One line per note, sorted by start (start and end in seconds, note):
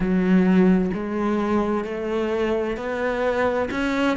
0.00 0.90 F#3
0.93 1.84 G#3
1.84 2.77 A3
2.77 3.69 B3
3.70 4.17 C#4